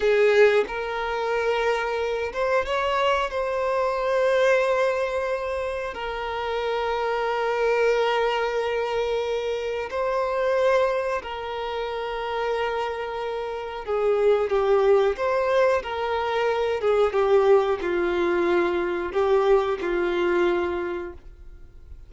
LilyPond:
\new Staff \with { instrumentName = "violin" } { \time 4/4 \tempo 4 = 91 gis'4 ais'2~ ais'8 c''8 | cis''4 c''2.~ | c''4 ais'2.~ | ais'2. c''4~ |
c''4 ais'2.~ | ais'4 gis'4 g'4 c''4 | ais'4. gis'8 g'4 f'4~ | f'4 g'4 f'2 | }